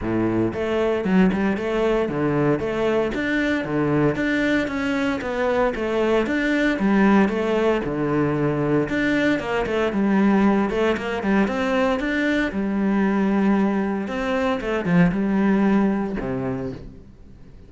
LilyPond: \new Staff \with { instrumentName = "cello" } { \time 4/4 \tempo 4 = 115 a,4 a4 fis8 g8 a4 | d4 a4 d'4 d4 | d'4 cis'4 b4 a4 | d'4 g4 a4 d4~ |
d4 d'4 ais8 a8 g4~ | g8 a8 ais8 g8 c'4 d'4 | g2. c'4 | a8 f8 g2 c4 | }